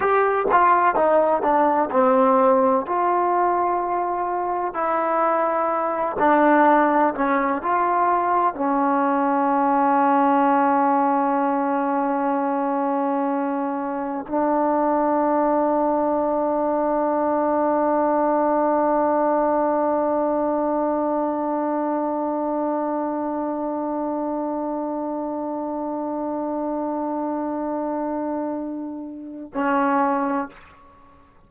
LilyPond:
\new Staff \with { instrumentName = "trombone" } { \time 4/4 \tempo 4 = 63 g'8 f'8 dis'8 d'8 c'4 f'4~ | f'4 e'4. d'4 cis'8 | f'4 cis'2.~ | cis'2. d'4~ |
d'1~ | d'1~ | d'1~ | d'2. cis'4 | }